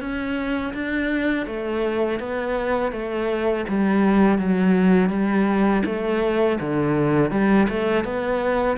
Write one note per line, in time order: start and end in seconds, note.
0.00 0.73 C#4
0.74 1.46 D4
1.46 2.20 A3
2.20 2.92 B3
2.92 3.65 A3
3.68 4.38 G3
4.38 5.10 F#3
5.10 5.83 G3
5.85 6.59 A3
6.61 7.31 D3
7.31 7.67 G3
7.69 8.04 A3
8.04 8.77 B3